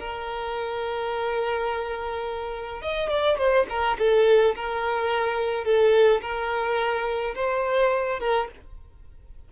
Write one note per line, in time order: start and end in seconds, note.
0.00 2.82 A#4
2.82 3.10 D#5
3.10 3.38 D5
3.38 3.67 C5
3.69 3.98 A#4
3.99 4.55 A4
4.56 5.65 A#4
5.65 6.21 A4
6.22 7.35 A#4
7.35 8.20 C5
8.20 8.49 A#4